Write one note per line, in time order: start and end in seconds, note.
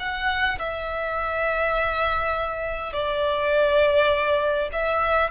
0.00 0.59 F#5
0.59 2.93 E5
2.93 4.70 D5
4.73 5.31 E5